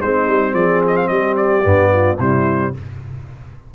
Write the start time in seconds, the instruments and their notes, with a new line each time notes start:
0.00 tuba G#3, trombone C4, horn D#4, trumpet C5
0.27 tuba G3
0.53 tuba F3, horn G#4, trumpet D5
0.87 trumpet D#5
0.96 trumpet F5
1.07 tuba G3, horn G4, trumpet D#5
1.36 trumpet D5
1.63 tuba G2, trombone B3
1.92 horn F4
2.18 tuba C3, trombone G3, horn E4, trumpet C5